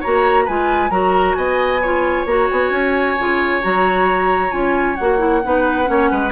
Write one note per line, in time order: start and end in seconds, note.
0.00 0.48 A#3
0.00 0.48 F#4
0.00 0.45 C#5
0.00 0.47 A#5
0.45 0.90 G#3
0.45 0.90 F4
0.45 0.90 B4
0.45 0.90 G#5
0.90 1.35 F#3
0.90 1.80 F#4
0.90 1.36 A#4
0.90 1.34 A#5
1.34 2.25 B3
1.34 1.81 D#5
1.34 2.25 G#5
1.81 2.28 F4
1.81 5.42 C#5
2.25 2.48 A#3
2.25 3.18 F#4
2.25 2.49 A#5
2.50 2.70 B3
2.50 3.63 G#5
2.70 3.15 C#4
3.18 3.64 C#3
3.18 3.62 F4
3.62 4.53 F#3
3.62 4.50 F#4
3.62 4.51 A#5
4.50 4.98 C#4
4.50 4.95 F4
4.50 4.95 G#5
4.95 5.45 A#3
4.95 5.18 F#4
4.95 6.31 F#5
5.18 5.41 E4
5.44 5.89 B3
5.44 5.85 D#4
5.44 5.90 B4
5.85 6.11 A#3
5.85 6.30 C#4
5.85 6.10 C#5
6.10 6.32 G#3
6.10 6.32 B4